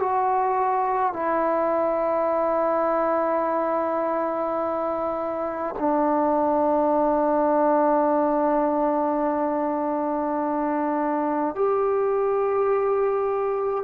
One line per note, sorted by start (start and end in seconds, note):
0.00 1.13 F#4
1.13 5.75 E4
5.79 11.55 D4
11.55 13.84 G4